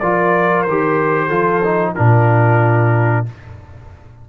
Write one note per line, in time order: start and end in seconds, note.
0.00 0.66 F3
0.00 0.68 F4
0.00 1.27 A#4
0.00 0.62 D5
0.62 1.30 D#3
0.62 1.93 C5
0.69 1.30 G4
1.27 1.95 F3
1.27 1.62 F4
1.27 1.92 A4
1.64 1.96 D#4
1.95 3.29 A#2
1.95 3.26 D4
1.95 3.26 F4
1.95 3.26 A#4